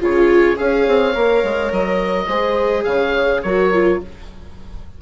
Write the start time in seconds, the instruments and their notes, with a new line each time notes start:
0.00 bassoon C#3, viola F4, horn G#4, oboe C#5
0.56 bassoon C#4, viola G#4, horn C#5, oboe F5
0.87 bassoon C4
1.13 bassoon A#3, viola A#4
1.43 bassoon G#3
1.71 bassoon F#3, oboe D#5
2.28 bassoon G#3, viola G#4, horn C5
2.84 bassoon C#3, horn C#5, oboe F5
3.42 bassoon F#3, viola F#4, horn A#4, oboe C#5
3.73 viola F4